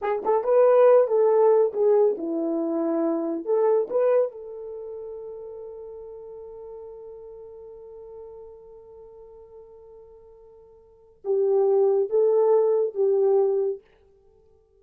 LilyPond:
\new Staff \with { instrumentName = "horn" } { \time 4/4 \tempo 4 = 139 gis'8 a'8 b'4. a'4. | gis'4 e'2. | a'4 b'4 a'2~ | a'1~ |
a'1~ | a'1~ | a'2 g'2 | a'2 g'2 | }